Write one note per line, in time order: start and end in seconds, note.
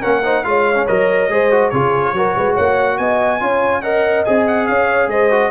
0.00 0.46 A#3
0.00 0.23 C#4
0.00 0.21 A#4
0.00 0.44 F#5
0.24 0.45 D#4
0.24 0.46 C5
0.44 0.88 G#3
0.44 0.75 F4
0.44 1.33 C#5
0.44 0.87 F5
0.75 0.86 C#4
0.88 1.29 F#3
0.88 1.30 A#4
0.88 1.70 D#5
1.29 1.71 G#3
1.29 1.52 G#4
1.29 1.73 C5
1.52 1.73 F#4
1.70 2.13 C#3
1.70 2.16 F4
1.70 2.15 G#4
1.70 2.55 C#5
2.13 2.35 F#3
2.13 3.40 F#4
2.13 2.37 A#4
2.37 2.58 G#3
2.37 2.54 B4
2.54 2.99 A#3
2.54 2.97 C#5
2.54 2.98 F#5
2.98 3.41 B3
2.98 3.42 D#5
2.98 3.82 G#5
3.40 4.26 C#4
3.40 3.83 F4
3.40 3.83 C#5
3.82 4.26 A#4
3.82 4.68 D#5
3.82 4.24 F#5
4.25 4.69 C4
4.25 5.31 G#4
4.25 4.47 G#5
4.48 4.67 F#5
4.67 5.08 C#4
4.67 5.10 C#5
4.67 5.10 F5
5.08 5.51 G#3
5.08 5.52 C5
5.08 5.52 D#5
5.31 5.52 F#4